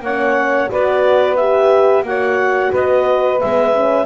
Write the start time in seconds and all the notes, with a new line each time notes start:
0.00 A#3 C#4 C#5 F#5
0.69 B3 F#4 B4 D5
1.36 G4 E5
2.02 A#3 F#4 C#5 F#5
2.71 B3 B4 D#5
3.40 G#3 B3 E5
3.73 C#4